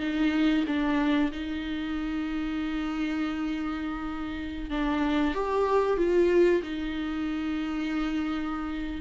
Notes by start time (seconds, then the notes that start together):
0.00 D#4
0.67 D4
1.32 D#4
4.70 D4
5.34 G4
5.97 F4
6.63 D#4